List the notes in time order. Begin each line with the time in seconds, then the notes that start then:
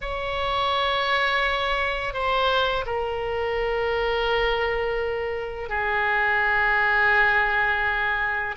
0.01 C#5
2.13 C5
2.86 A#4
5.69 G#4